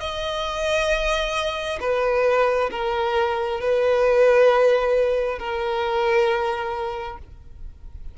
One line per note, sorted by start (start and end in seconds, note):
0.00 1.79 D#5
1.81 2.70 B4
2.71 3.60 A#4
3.60 5.39 B4
5.39 7.18 A#4